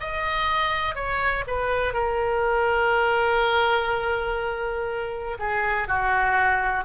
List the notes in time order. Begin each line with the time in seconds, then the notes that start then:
0.00 D#5
0.95 C#5
1.47 B4
1.93 A#4
5.39 G#4
5.87 F#4